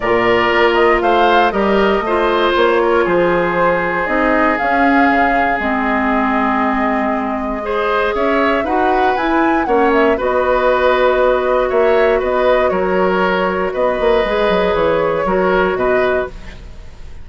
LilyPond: <<
  \new Staff \with { instrumentName = "flute" } { \time 4/4 \tempo 4 = 118 d''4. dis''8 f''4 dis''4~ | dis''4 cis''4 c''2 | dis''4 f''2 dis''4~ | dis''1 |
e''4 fis''4 gis''4 fis''8 e''8 | dis''2. e''4 | dis''4 cis''2 dis''4~ | dis''4 cis''2 dis''4 | }
  \new Staff \with { instrumentName = "oboe" } { \time 4/4 ais'2 c''4 ais'4 | c''4. ais'8 gis'2~ | gis'1~ | gis'2. c''4 |
cis''4 b'2 cis''4 | b'2. cis''4 | b'4 ais'2 b'4~ | b'2 ais'4 b'4 | }
  \new Staff \with { instrumentName = "clarinet" } { \time 4/4 f'2. g'4 | f'1 | dis'4 cis'2 c'4~ | c'2. gis'4~ |
gis'4 fis'4 e'4 cis'4 | fis'1~ | fis'1 | gis'2 fis'2 | }
  \new Staff \with { instrumentName = "bassoon" } { \time 4/4 ais,4 ais4 a4 g4 | a4 ais4 f2 | c'4 cis'4 cis4 gis4~ | gis1 |
cis'4 dis'4 e'4 ais4 | b2. ais4 | b4 fis2 b8 ais8 | gis8 fis8 e4 fis4 b,4 | }
>>